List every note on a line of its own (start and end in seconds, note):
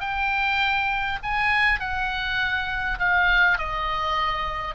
0.00 1.19 G5
1.23 1.80 G#5
1.80 2.99 F#5
2.99 3.58 F5
3.58 4.75 D#5